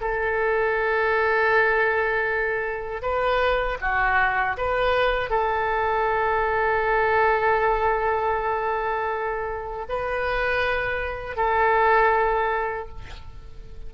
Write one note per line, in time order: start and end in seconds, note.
0.00 3.01 A4
3.01 3.77 B4
3.80 4.56 F#4
4.57 5.30 B4
5.30 9.85 A4
9.89 11.36 B4
11.36 12.88 A4